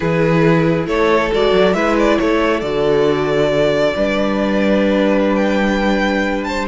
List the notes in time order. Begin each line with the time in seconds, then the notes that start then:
0.00 E3 E4 G#4 B4
0.86 A3 A4 C#5
1.31 G#3 F#4 D5
1.52 F#3
1.73 G#3 E4 B4 E5
1.98 D5
2.18 A3 A4 C#5
2.60 D3 F#4 D5
3.95 G3 D4 B4
5.35 G5
6.43 C5 A5